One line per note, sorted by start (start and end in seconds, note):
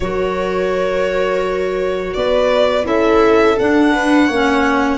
0.00 2.13 F#3
0.00 2.83 F#4
0.00 2.16 A#4
0.00 2.13 C#5
2.13 2.85 B3
2.13 2.86 B4
2.13 2.85 D5
2.83 3.56 C#4
2.83 3.54 E4
2.83 3.92 A4
2.83 3.58 E5
3.58 4.28 D4
3.58 4.31 D4
3.58 4.97 F#5
3.92 4.27 B4
4.27 4.97 A#3
4.27 4.97 C#4
4.27 4.97 C#5